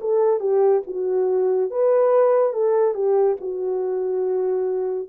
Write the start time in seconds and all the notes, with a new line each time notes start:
0.00 A4
0.40 G4
0.86 F#4
1.71 B4
2.53 A4
2.94 G4
3.40 F#4